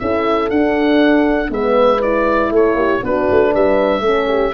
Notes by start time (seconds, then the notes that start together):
0.00 C#4 E4 A4 E5
0.50 D4 F#5
1.49 G#3 B3 B4 E5
2.02 E4 D5
2.51 A3 A4 C#5
2.75 A#3 G4
3.03 B3 D4 F#4 B4
3.31 A3
3.52 G3 B4 E5
4.01 A3 C#4 A4
4.28 G4